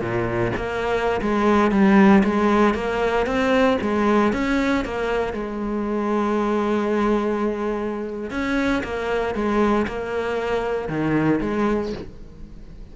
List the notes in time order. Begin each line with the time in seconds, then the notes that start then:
0.00 A#2
0.56 A#3
1.21 G#3
1.71 G3
2.23 G#3
2.74 A#3
3.26 C4
3.81 G#3
4.33 C#4
4.84 A#3
5.33 G#3
8.30 C#4
8.83 A#3
9.34 G#3
9.87 A#3
10.88 D#3
11.41 G#3